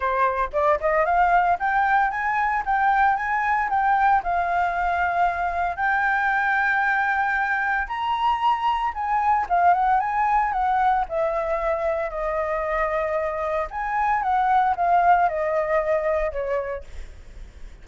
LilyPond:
\new Staff \with { instrumentName = "flute" } { \time 4/4 \tempo 4 = 114 c''4 d''8 dis''8 f''4 g''4 | gis''4 g''4 gis''4 g''4 | f''2. g''4~ | g''2. ais''4~ |
ais''4 gis''4 f''8 fis''8 gis''4 | fis''4 e''2 dis''4~ | dis''2 gis''4 fis''4 | f''4 dis''2 cis''4 | }